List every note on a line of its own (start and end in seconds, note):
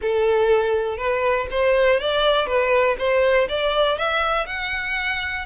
0.01 0.97 A4
0.97 1.47 B4
1.50 1.99 C5
1.99 2.46 D5
2.46 2.96 B4
2.98 3.48 C5
3.48 3.98 D5
3.98 4.46 E5
4.46 5.45 F#5